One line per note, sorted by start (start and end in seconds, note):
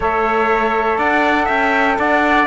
0.00 0.98 A3
0.00 2.46 A4
0.00 0.98 C#5
0.00 0.98 E5
0.98 1.47 D4
0.98 1.45 D5
0.98 1.48 F#5
1.45 1.98 C#4
1.45 1.95 E5
1.45 1.98 G5
1.98 2.46 D4
1.98 2.46 D5
1.98 2.46 F#5